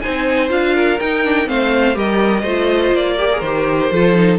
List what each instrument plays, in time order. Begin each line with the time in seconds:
0.00 viola D#4, violin C5 G#5
0.07 cello C4
0.49 cello D4, viola F4, violin F5
0.75 violin A#4
0.99 cello D#4, viola D#4, violin G5
1.24 viola D4
1.45 cello A3, viola C4, violin C5 F5
1.94 cello G3, viola G4, violin A#4 D#5
2.41 cello A3, viola F4, violin C5
2.92 cello A#3, violin D5
3.18 viola G4, violin A#4
3.32 viola G#4
3.40 cello D#3, viola G4, violin C5
3.91 cello F3, viola F4, violin A4
4.15 viola D#4